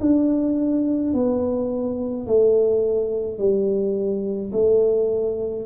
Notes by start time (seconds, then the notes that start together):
0.00 D4
1.13 B3
2.26 A3
3.38 G3
4.52 A3